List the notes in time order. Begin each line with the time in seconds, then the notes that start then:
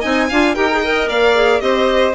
0.00 C4 D#4 D#5 G#5
0.28 D4 F4 F5
0.54 D#4 G4 A#4 G5
0.71 G#4
0.82 A#4 D#5
1.08 A#3 D5 F5
1.34 G#4
1.60 C4 G4 C5 D#5